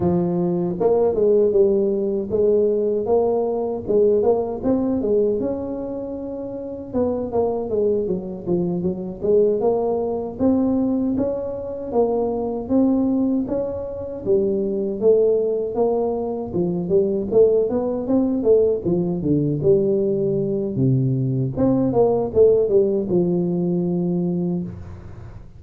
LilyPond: \new Staff \with { instrumentName = "tuba" } { \time 4/4 \tempo 4 = 78 f4 ais8 gis8 g4 gis4 | ais4 gis8 ais8 c'8 gis8 cis'4~ | cis'4 b8 ais8 gis8 fis8 f8 fis8 | gis8 ais4 c'4 cis'4 ais8~ |
ais8 c'4 cis'4 g4 a8~ | a8 ais4 f8 g8 a8 b8 c'8 | a8 f8 d8 g4. c4 | c'8 ais8 a8 g8 f2 | }